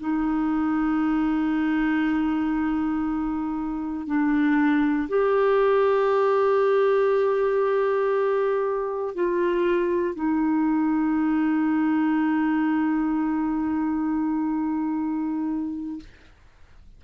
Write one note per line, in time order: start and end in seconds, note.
0.00 4.07 D#4
4.07 5.08 D4
5.08 9.15 G4
9.15 10.15 F4
10.15 16.00 D#4